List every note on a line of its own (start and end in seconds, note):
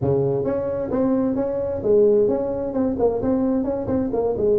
0.01 0.44 C#3
0.44 0.90 C#4
0.90 1.35 C4
1.35 1.81 C#4
1.82 2.28 G#3
2.28 2.73 C#4
2.73 2.96 C4
2.98 3.21 A#3
3.22 3.64 C4
3.64 3.87 C#4
3.87 4.10 C4
4.12 4.35 A#3
4.37 4.58 G#3